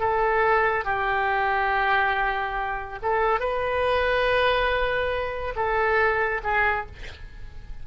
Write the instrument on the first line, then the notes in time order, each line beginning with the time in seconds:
oboe
0.00 A4
0.85 G4
3.02 A4
3.40 B4
5.56 A4
6.44 G#4